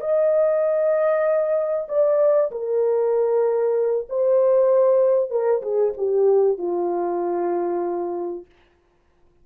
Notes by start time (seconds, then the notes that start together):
0.00 D#5
1.88 D5
2.51 A#4
4.09 C5
5.30 A#4
5.62 G#4
5.97 G4
6.58 F4